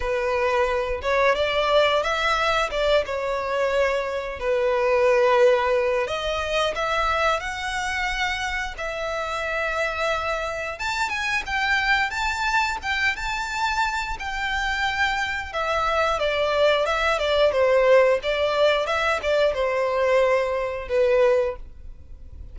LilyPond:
\new Staff \with { instrumentName = "violin" } { \time 4/4 \tempo 4 = 89 b'4. cis''8 d''4 e''4 | d''8 cis''2 b'4.~ | b'4 dis''4 e''4 fis''4~ | fis''4 e''2. |
a''8 gis''8 g''4 a''4 g''8 a''8~ | a''4 g''2 e''4 | d''4 e''8 d''8 c''4 d''4 | e''8 d''8 c''2 b'4 | }